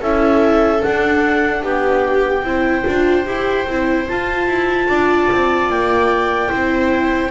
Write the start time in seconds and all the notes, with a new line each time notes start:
0.00 C#4 E4 A4 E5
0.80 D4 F#5
1.62 B3 G4 G5
2.43 C4 E4 C5
2.84 D4 F4
3.25 E4 G4
3.67 C4 E4
4.08 F4 A5
4.47 E4
4.87 D4 D5
5.32 C4
5.69 A#3 G5
6.48 C4 E4 C5